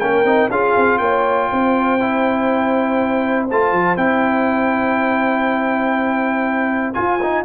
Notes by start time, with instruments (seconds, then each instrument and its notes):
0.00 tuba A#3, trombone C#4, horn A#4, trumpet G5
0.24 tuba C4, trombone D#4
0.50 tuba C#4, trombone F4, horn G#4, trumpet F5
0.76 tuba C4
0.98 tuba A#3, horn C#5, trumpet G5
1.50 tuba C4, horn C5
1.99 trombone E4
3.50 tuba A3, trombone F4, trumpet A5
3.72 tuba F3
3.96 tuba C4, trombone E4, trumpet G5
6.93 trombone F4, tuba F4, trumpet G#5
7.22 trombone D#4